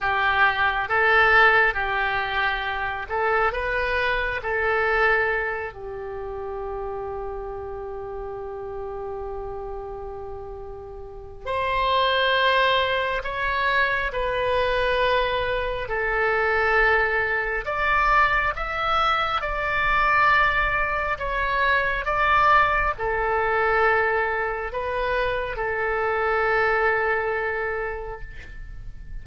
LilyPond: \new Staff \with { instrumentName = "oboe" } { \time 4/4 \tempo 4 = 68 g'4 a'4 g'4. a'8 | b'4 a'4. g'4.~ | g'1~ | g'4 c''2 cis''4 |
b'2 a'2 | d''4 e''4 d''2 | cis''4 d''4 a'2 | b'4 a'2. | }